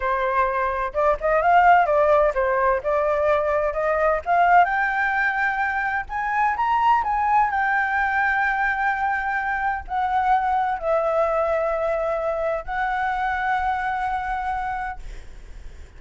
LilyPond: \new Staff \with { instrumentName = "flute" } { \time 4/4 \tempo 4 = 128 c''2 d''8 dis''8 f''4 | d''4 c''4 d''2 | dis''4 f''4 g''2~ | g''4 gis''4 ais''4 gis''4 |
g''1~ | g''4 fis''2 e''4~ | e''2. fis''4~ | fis''1 | }